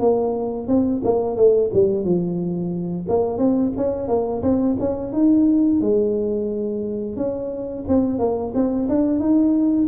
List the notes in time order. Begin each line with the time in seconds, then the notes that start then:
0.00 A#3
0.68 C4
1.04 A#3
1.37 A3
1.74 G3
2.05 F3
3.09 A#3
3.38 C4
3.77 C#4
4.08 A#3
4.43 C4
4.80 C#4
5.13 D#4
5.81 G#3
7.17 C#4
7.88 C4
8.19 A#3
8.55 C4
8.89 D4
9.20 D#4